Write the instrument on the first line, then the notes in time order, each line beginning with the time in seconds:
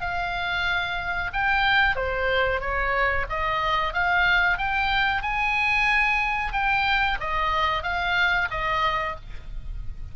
oboe
0.00 F5
1.33 G5
1.95 C5
2.60 C#5
3.29 D#5
3.93 F5
4.57 G5
5.22 G#5
6.52 G5
7.20 D#5
7.83 F5
8.50 D#5